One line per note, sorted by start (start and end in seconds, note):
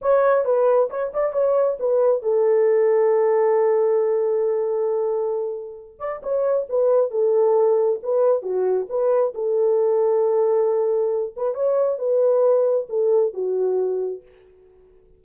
0.01 0.44 C#5
0.44 0.89 B4
0.90 1.12 C#5
1.13 1.33 D5
1.33 1.77 C#5
1.79 2.22 B4
2.22 5.99 A4
5.99 6.21 D5
6.22 6.67 C#5
6.69 7.11 B4
7.11 7.99 A4
8.02 8.42 B4
8.42 8.86 F#4
8.89 9.33 B4
9.34 11.34 A4
11.36 11.54 B4
11.54 11.98 C#5
11.98 12.87 B4
12.89 13.33 A4
13.33 14.22 F#4